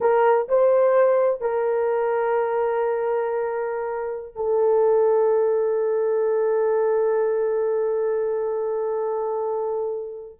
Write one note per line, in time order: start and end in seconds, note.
0.00 0.48 A#4
0.48 1.40 C5
1.40 4.35 A#4
4.35 10.38 A4